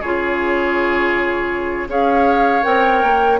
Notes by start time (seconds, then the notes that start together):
0.00 C#3 F4 G#4 C#5
1.87 C#4 G#4 C#5 F5
2.62 C4 A#4 G5
3.02 A#3